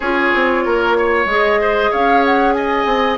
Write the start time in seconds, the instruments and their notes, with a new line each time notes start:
0.00 bassoon C#4, clarinet F4, oboe G#4, flute C#5
0.34 bassoon C4
0.65 bassoon A#3, oboe A#4
0.97 oboe C#5
1.25 bassoon G#3, clarinet G#4, flute D#5
1.61 oboe C5
1.90 bassoon C#4, oboe C#5, flute F5
2.25 flute F#5
2.53 oboe D#5, flute G#5
2.85 bassoon C4